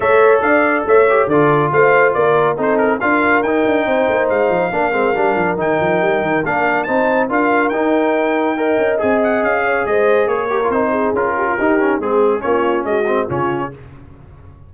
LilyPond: <<
  \new Staff \with { instrumentName = "trumpet" } { \time 4/4 \tempo 4 = 140 e''4 f''4 e''4 d''4 | f''4 d''4 c''8 ais'8 f''4 | g''2 f''2~ | f''4 g''2 f''4 |
a''4 f''4 g''2~ | g''4 gis''8 fis''8 f''4 dis''4 | cis''4 c''4 ais'2 | gis'4 cis''4 dis''4 cis''4 | }
  \new Staff \with { instrumentName = "horn" } { \time 4/4 cis''4 d''4 cis''4 a'4 | c''4 ais'4 a'4 ais'4~ | ais'4 c''2 ais'4~ | ais'1 |
c''4 ais'2. | dis''2~ dis''8 cis''8 c''4 | ais'4. gis'4 g'16 f'16 g'4 | gis'4 f'4 fis'4 f'4 | }
  \new Staff \with { instrumentName = "trombone" } { \time 4/4 a'2~ a'8 g'8 f'4~ | f'2 dis'4 f'4 | dis'2. d'8 c'8 | d'4 dis'2 d'4 |
dis'4 f'4 dis'2 | ais'4 gis'2.~ | gis'8 g'16 f'16 dis'4 f'4 dis'8 cis'8 | c'4 cis'4. c'8 cis'4 | }
  \new Staff \with { instrumentName = "tuba" } { \time 4/4 a4 d'4 a4 d4 | a4 ais4 c'4 d'4 | dis'8 d'8 c'8 ais8 gis8 f8 ais8 gis8 | g8 f8 dis8 f8 g8 dis8 ais4 |
c'4 d'4 dis'2~ | dis'8 cis'8 c'4 cis'4 gis4 | ais4 c'4 cis'4 dis'4 | gis4 ais4 gis4 cis4 | }
>>